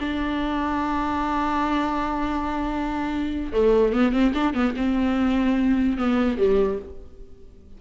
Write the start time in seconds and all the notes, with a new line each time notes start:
0.00 D4
3.53 A3
3.93 B3
4.12 C4
4.35 D4
4.54 B3
4.77 C4
5.98 B3
6.38 G3